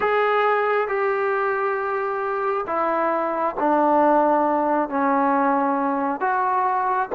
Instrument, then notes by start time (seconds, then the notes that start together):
trombone
0.00 G#4
0.87 G4
2.66 E4
3.59 D4
4.89 C#4
6.20 F#4